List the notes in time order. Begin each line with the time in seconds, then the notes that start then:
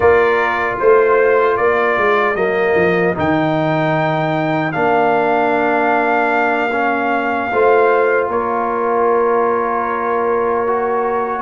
0.00 A#3 F4 A#4 D5
0.79 A3 C5
1.56 A#3 A#4 D5
1.97 G#3
2.35 F#3 A#3 D#5
2.75 F3
3.14 D#3 D#4 G5
4.72 A#3 D4 F5
6.72 C#4
7.51 A3 F4 C5
8.28 A#3 A#4 C#5
10.66 F#4